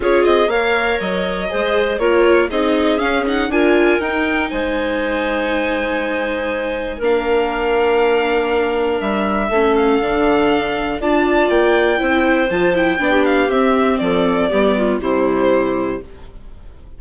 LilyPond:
<<
  \new Staff \with { instrumentName = "violin" } { \time 4/4 \tempo 4 = 120 cis''8 dis''8 f''4 dis''2 | cis''4 dis''4 f''8 fis''8 gis''4 | g''4 gis''2.~ | gis''2 f''2~ |
f''2 e''4. f''8~ | f''2 a''4 g''4~ | g''4 a''8 g''4 f''8 e''4 | d''2 c''2 | }
  \new Staff \with { instrumentName = "clarinet" } { \time 4/4 gis'4 cis''2 c''4 | ais'4 gis'2 ais'4~ | ais'4 c''2.~ | c''2 ais'2~ |
ais'2. a'4~ | a'2 d''2 | c''2 d''16 g'4.~ g'16 | a'4 g'8 f'8 e'2 | }
  \new Staff \with { instrumentName = "viola" } { \time 4/4 f'4 ais'2 gis'4 | f'4 dis'4 cis'8 dis'8 f'4 | dis'1~ | dis'2 d'2~ |
d'2. cis'4 | d'2 f'2 | e'4 f'8 e'8 d'4 c'4~ | c'4 b4 g2 | }
  \new Staff \with { instrumentName = "bassoon" } { \time 4/4 cis'8 c'8 ais4 fis4 gis4 | ais4 c'4 cis'4 d'4 | dis'4 gis2.~ | gis2 ais2~ |
ais2 g4 a4 | d2 d'4 ais4 | c'4 f4 b4 c'4 | f4 g4 c2 | }
>>